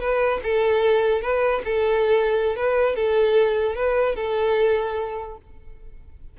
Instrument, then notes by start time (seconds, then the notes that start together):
violin
0.00 B4
0.43 A4
1.22 B4
1.65 A4
2.56 B4
2.96 A4
3.75 B4
4.16 A4